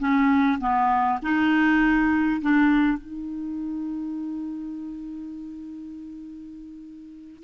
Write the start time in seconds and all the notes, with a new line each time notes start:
0.00 C#4
0.60 B3
1.23 D#4
2.42 D4
2.99 D#4